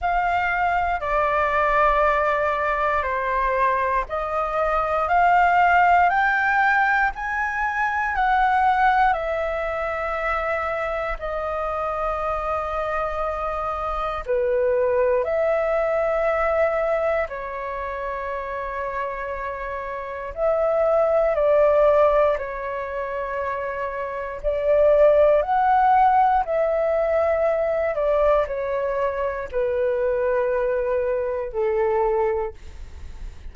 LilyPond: \new Staff \with { instrumentName = "flute" } { \time 4/4 \tempo 4 = 59 f''4 d''2 c''4 | dis''4 f''4 g''4 gis''4 | fis''4 e''2 dis''4~ | dis''2 b'4 e''4~ |
e''4 cis''2. | e''4 d''4 cis''2 | d''4 fis''4 e''4. d''8 | cis''4 b'2 a'4 | }